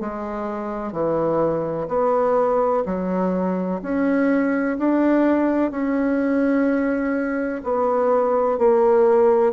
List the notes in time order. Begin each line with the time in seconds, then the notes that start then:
0.00 G#3
0.92 E3
1.88 B3
2.85 F#3
3.82 C#4
4.78 D4
5.71 C#4
7.63 B3
8.58 A#3